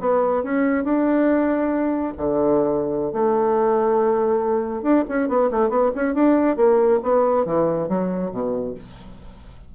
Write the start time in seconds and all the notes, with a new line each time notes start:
0.00 B3
0.43 C#4
0.84 D4
2.17 D3
3.13 A3
4.82 D4
5.09 C#4
5.28 B3
5.51 A3
5.69 B3
5.95 C#4
6.14 D4
6.57 A#3
7.03 B3
7.45 E3
7.88 F#3
8.31 B2